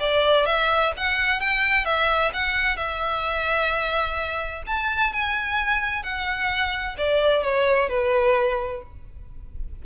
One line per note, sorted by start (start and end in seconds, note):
0.00 0.46 D5
0.46 0.93 E5
0.97 1.41 F#5
1.41 1.85 G5
1.85 2.32 E5
2.33 2.77 F#5
2.77 4.63 E5
4.67 5.13 A5
5.13 6.03 G#5
6.03 6.96 F#5
6.98 7.44 D5
7.44 7.89 C#5
7.89 8.82 B4